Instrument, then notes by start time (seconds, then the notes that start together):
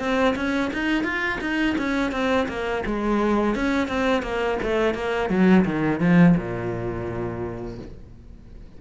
cello
0.00 C4
0.36 C#4
0.74 D#4
1.04 F4
1.41 D#4
1.78 C#4
2.12 C4
2.49 A#3
2.87 G#3
3.56 C#4
3.88 C4
4.23 A#3
4.63 A3
4.95 A#3
5.30 F#3
5.66 D#3
6.01 F3
6.38 A#2